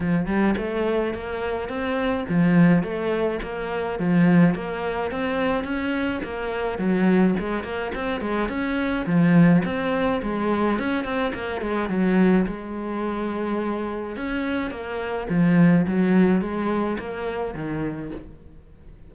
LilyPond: \new Staff \with { instrumentName = "cello" } { \time 4/4 \tempo 4 = 106 f8 g8 a4 ais4 c'4 | f4 a4 ais4 f4 | ais4 c'4 cis'4 ais4 | fis4 gis8 ais8 c'8 gis8 cis'4 |
f4 c'4 gis4 cis'8 c'8 | ais8 gis8 fis4 gis2~ | gis4 cis'4 ais4 f4 | fis4 gis4 ais4 dis4 | }